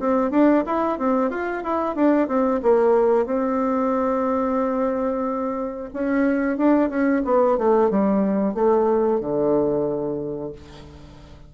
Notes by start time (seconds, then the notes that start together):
0.00 C4
0.31 D4
0.67 E4
0.99 C4
1.31 F4
1.64 E4
1.96 D4
2.28 C4
2.63 A#3
3.26 C4
5.94 C#4
6.58 D4
6.90 C#4
7.25 B3
7.59 A3
7.91 G3
8.55 A3
9.21 D3